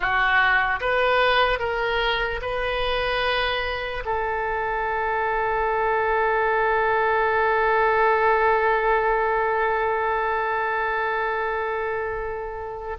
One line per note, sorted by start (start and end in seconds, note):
0.00 0.80 F#4
0.80 1.59 B4
1.59 2.40 A#4
2.41 4.03 B4
4.05 12.97 A4